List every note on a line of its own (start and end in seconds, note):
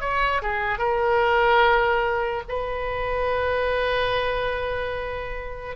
0.00 0.41 C#5
0.41 0.78 G#4
0.78 2.42 A#4
2.48 5.76 B4